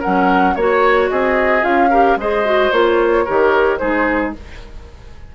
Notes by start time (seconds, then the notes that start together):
0.00 F#3 C#4 A#4 F#5
0.55 A#3 F#4 C#5
1.10 C4 G#4 D#5
1.61 C#4 F4 F5
1.90 G4 A#4
2.16 G#3 G#4 C5 D#5
2.45 F#4
2.71 A#3 F4 C#5
3.25 D#3 G4 A#4
3.78 G#3 D#4 G#4 C5